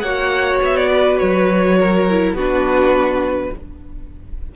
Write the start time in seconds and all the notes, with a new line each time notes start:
0.00 A#3 F#4 C#5 F#5
0.62 B3 E5
0.77 D5
0.91 B4
1.19 F#3 C#5
1.80 A#4
2.10 E4
2.33 B3 D4 F#4 B4